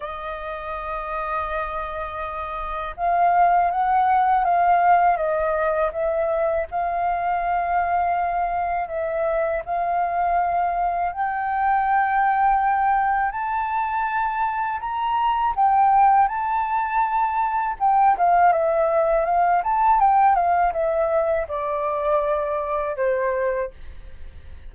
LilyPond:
\new Staff \with { instrumentName = "flute" } { \time 4/4 \tempo 4 = 81 dis''1 | f''4 fis''4 f''4 dis''4 | e''4 f''2. | e''4 f''2 g''4~ |
g''2 a''2 | ais''4 g''4 a''2 | g''8 f''8 e''4 f''8 a''8 g''8 f''8 | e''4 d''2 c''4 | }